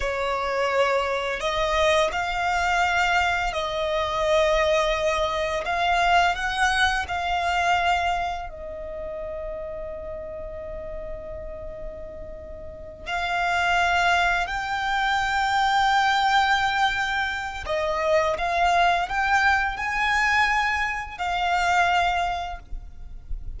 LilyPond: \new Staff \with { instrumentName = "violin" } { \time 4/4 \tempo 4 = 85 cis''2 dis''4 f''4~ | f''4 dis''2. | f''4 fis''4 f''2 | dis''1~ |
dis''2~ dis''8 f''4.~ | f''8 g''2.~ g''8~ | g''4 dis''4 f''4 g''4 | gis''2 f''2 | }